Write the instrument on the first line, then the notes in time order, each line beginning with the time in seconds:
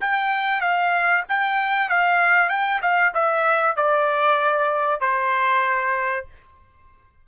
trumpet
0.00 G5
0.61 F5
1.28 G5
1.89 F5
2.49 G5
2.81 F5
3.14 E5
3.76 D5
5.00 C5